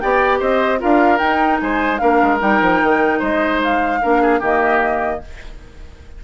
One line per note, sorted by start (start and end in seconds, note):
0.00 0.41 B3
0.00 0.79 G4
0.00 0.39 D5
0.00 0.40 G5
0.39 0.81 C4
0.39 0.79 C5
0.39 0.81 D#5
0.79 1.20 D4
0.79 1.18 F4
0.79 1.61 A#4
0.79 1.19 F5
1.18 1.98 D#4
1.18 1.60 D#4
1.18 1.59 G5
1.61 2.02 G#3
1.61 2.02 C5
1.61 1.98 G#5
1.98 2.22 A#3
1.98 2.39 D4
1.98 3.20 A#4
1.98 2.38 F5
2.22 2.41 G#3
2.39 2.61 G3
2.39 3.99 D#4
2.39 3.22 G5
2.61 2.81 F3
2.83 3.22 D#3
3.20 4.02 G#3
3.20 4.00 C5
3.20 3.62 D#5
3.64 4.44 F5
4.03 4.42 A#3
4.03 4.42 D4
4.03 4.22 A#4
4.22 4.40 G#4
4.40 5.22 D#3
4.40 5.22 A#3
4.40 5.20 G4
4.40 5.24 D#5